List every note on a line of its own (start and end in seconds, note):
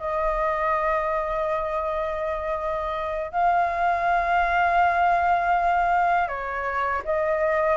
0.00 3.32 D#5
3.32 6.28 F5
6.29 7.03 C#5
7.05 7.78 D#5